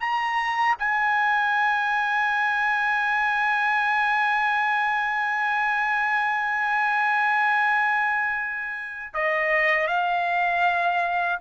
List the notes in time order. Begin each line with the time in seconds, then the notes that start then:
0.00 A#5
0.79 G#5
9.14 D#5
9.87 F5